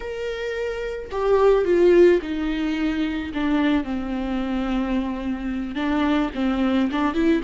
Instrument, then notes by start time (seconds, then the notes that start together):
viola
0.00 A#4
1.11 G4
1.65 F4
2.21 D#4
3.34 D4
3.84 C4
5.75 D4
6.35 C4
6.91 D4
7.13 E4